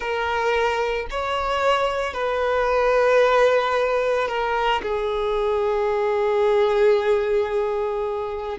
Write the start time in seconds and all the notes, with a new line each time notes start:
0.00 A#4
1.10 C#5
2.13 B4
4.28 A#4
4.82 G#4